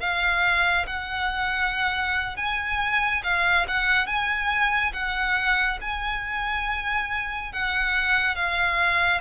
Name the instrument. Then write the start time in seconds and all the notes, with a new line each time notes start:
violin
0.00 F5
0.86 F#5
2.36 G#5
3.23 F5
3.67 F#5
4.06 G#5
4.93 F#5
5.81 G#5
7.52 F#5
8.35 F5